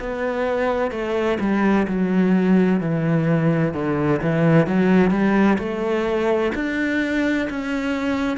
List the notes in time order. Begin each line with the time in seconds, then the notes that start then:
0.00 B3
0.92 A3
1.40 G3
1.88 F#3
2.81 E3
3.74 D3
4.22 E3
4.67 F#3
5.11 G3
5.59 A3
6.55 D4
7.50 C#4